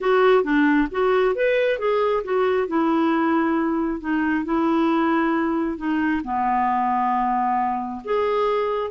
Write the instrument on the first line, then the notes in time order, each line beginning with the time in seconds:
clarinet
0.01 F#4
0.43 D4
0.91 F#4
1.35 B4
1.78 G#4
2.23 F#4
2.67 E4
4.00 D#4
4.44 E4
5.77 D#4
6.24 B3
8.04 G#4